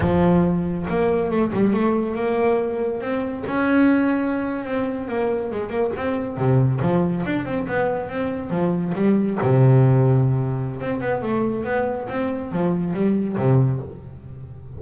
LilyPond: \new Staff \with { instrumentName = "double bass" } { \time 4/4 \tempo 4 = 139 f2 ais4 a8 g8 | a4 ais2 c'4 | cis'2~ cis'8. c'4 ais16~ | ais8. gis8 ais8 c'4 c4 f16~ |
f8. d'8 c'8 b4 c'4 f16~ | f8. g4 c2~ c16~ | c4 c'8 b8 a4 b4 | c'4 f4 g4 c4 | }